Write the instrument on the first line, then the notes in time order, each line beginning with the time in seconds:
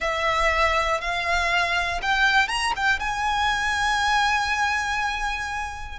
violin
0.00 E5
1.00 F5
2.02 G5
2.47 A#5
2.75 G5
3.00 G#5